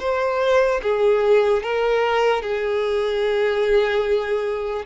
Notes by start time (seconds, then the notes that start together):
0.00 C5
0.83 G#4
1.63 A#4
2.43 G#4